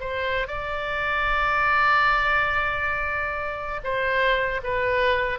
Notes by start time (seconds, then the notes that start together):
0.00 C5
0.47 D5
3.84 C5
4.63 B4